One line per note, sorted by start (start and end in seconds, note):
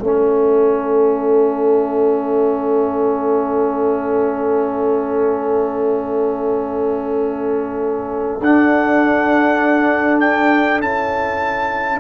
0.00 8.40 A3
0.00 8.40 C#4
0.00 12.00 A4
0.00 8.40 E5
8.40 10.80 D4
8.40 10.83 D4
8.40 10.20 F#5
10.20 10.80 G5
10.80 12.00 C#4
10.80 12.00 E4
10.80 12.00 A5